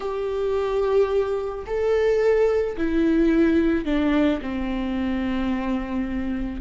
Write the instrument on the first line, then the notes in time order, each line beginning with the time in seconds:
viola
0.00 G4
1.66 A4
2.77 E4
3.85 D4
4.41 C4